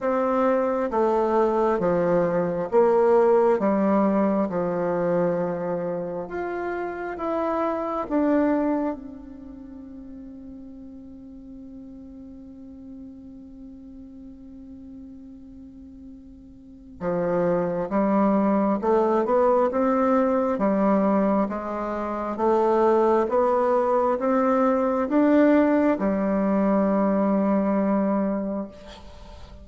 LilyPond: \new Staff \with { instrumentName = "bassoon" } { \time 4/4 \tempo 4 = 67 c'4 a4 f4 ais4 | g4 f2 f'4 | e'4 d'4 c'2~ | c'1~ |
c'2. f4 | g4 a8 b8 c'4 g4 | gis4 a4 b4 c'4 | d'4 g2. | }